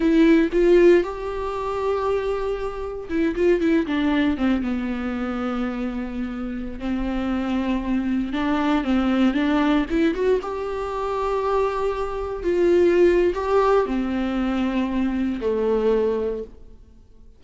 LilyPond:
\new Staff \with { instrumentName = "viola" } { \time 4/4 \tempo 4 = 117 e'4 f'4 g'2~ | g'2 e'8 f'8 e'8 d'8~ | d'8 c'8 b2.~ | b4~ b16 c'2~ c'8.~ |
c'16 d'4 c'4 d'4 e'8 fis'16~ | fis'16 g'2.~ g'8.~ | g'16 f'4.~ f'16 g'4 c'4~ | c'2 a2 | }